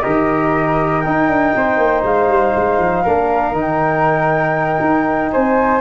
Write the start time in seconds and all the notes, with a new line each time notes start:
0.00 D#3 G4 A#4 D#5
1.01 D#4 G5
1.29 D4
1.56 C4 C5
1.78 A#3
2.03 G#3 F5
2.28 G3
2.56 G#3
2.78 F3
3.03 A#3 D4 A#4
3.52 D#3 D#4
3.61 G5
4.81 D#4
5.32 C4 C5 G#5